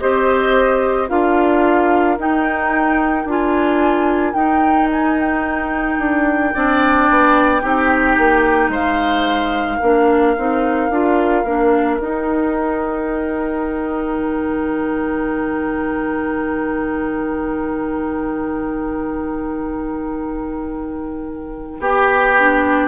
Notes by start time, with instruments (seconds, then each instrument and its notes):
0.00 bassoon C4, clarinet G4, oboe C5, flute D#5
1.09 bassoon D4, clarinet F4, oboe A#4, flute F5
2.17 clarinet D#4, bassoon D#4, flute G5
3.25 bassoon D4, clarinet F4, flute G#5
4.34 clarinet D#4, bassoon D#4, flute G5
4.92 flute G#5
5.20 flute G5
5.99 bassoon D4
6.55 bassoon C4, clarinet D4, oboe D5
7.10 bassoon B3
7.62 bassoon C4, clarinet D#4, oboe G4
8.18 bassoon A#3
8.69 bassoon G#3, oboe C5, flute F5
9.78 bassoon A#3, clarinet D4, oboe A#4
10.37 bassoon C4, clarinet D#4
10.90 bassoon D4, clarinet F4
11.44 bassoon A#3, clarinet D4
11.99 bassoon D#4, clarinet D#4, flute G5
14.18 bassoon D#3
21.80 bassoon B3, oboe G4, clarinet G4
22.40 clarinet D4